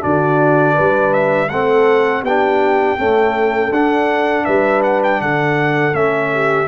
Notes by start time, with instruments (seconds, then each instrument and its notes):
0.00 tuba D3, trombone D4, horn F#4, trumpet D5
0.74 tuba G3, horn B4
1.14 trumpet E5
1.49 tuba A3, trombone C4, horn A4, trumpet F#5
2.23 tuba B3, trombone D4, horn G4, trumpet G5
2.99 trombone A3, tuba C#4, horn A4
3.71 tuba D4, trombone D4, trumpet F#5
4.45 tuba G3, horn B4, trumpet E5
4.83 trumpet F#5
5.04 trumpet G5
5.21 tuba D3, horn A4, trumpet F#5
5.93 tuba A3, trombone C#4, trumpet E5
6.34 horn G4